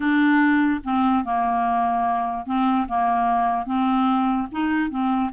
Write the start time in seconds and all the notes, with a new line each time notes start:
0.00 D4
0.83 C4
1.24 A#3
2.45 C4
2.88 A#3
3.66 C4
4.51 D#4
4.90 C4